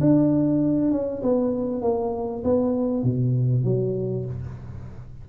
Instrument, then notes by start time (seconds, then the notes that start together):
tuba
0.00 D4
0.91 C#4
1.22 B3
1.81 A#3
2.44 B3
3.03 B2
3.64 F#3